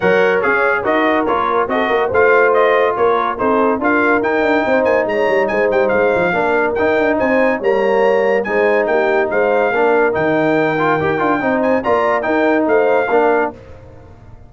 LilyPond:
<<
  \new Staff \with { instrumentName = "trumpet" } { \time 4/4 \tempo 4 = 142 fis''4 f''4 dis''4 cis''4 | dis''4 f''4 dis''4 cis''4 | c''4 f''4 g''4. gis''8 | ais''4 gis''8 g''8 f''2 |
g''4 gis''4 ais''2 | gis''4 g''4 f''2 | g''2.~ g''8 gis''8 | ais''4 g''4 f''2 | }
  \new Staff \with { instrumentName = "horn" } { \time 4/4 cis''2 ais'2 | a'8 ais'8 c''2 ais'4 | a'4 ais'2 c''4 | cis''4 c''2 ais'4~ |
ais'4 c''4 cis''2 | c''4 g'4 c''4 ais'4~ | ais'2. c''4 | d''4 ais'4 c''4 ais'4 | }
  \new Staff \with { instrumentName = "trombone" } { \time 4/4 ais'4 gis'4 fis'4 f'4 | fis'4 f'2. | dis'4 f'4 dis'2~ | dis'2. d'4 |
dis'2 ais2 | dis'2. d'4 | dis'4. f'8 g'8 f'8 dis'4 | f'4 dis'2 d'4 | }
  \new Staff \with { instrumentName = "tuba" } { \time 4/4 fis4 cis'4 dis'4 ais4 | c'8 ais8 a2 ais4 | c'4 d'4 dis'8 d'8 c'8 ais8 | gis8 g8 gis8 g8 gis8 f8 ais4 |
dis'8 d'8 c'4 g2 | gis4 ais4 gis4 ais4 | dis2 dis'8 d'8 c'4 | ais4 dis'4 a4 ais4 | }
>>